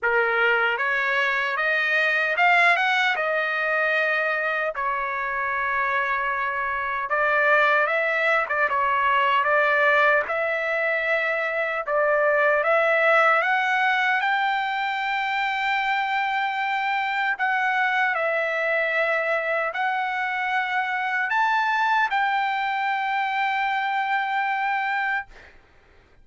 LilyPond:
\new Staff \with { instrumentName = "trumpet" } { \time 4/4 \tempo 4 = 76 ais'4 cis''4 dis''4 f''8 fis''8 | dis''2 cis''2~ | cis''4 d''4 e''8. d''16 cis''4 | d''4 e''2 d''4 |
e''4 fis''4 g''2~ | g''2 fis''4 e''4~ | e''4 fis''2 a''4 | g''1 | }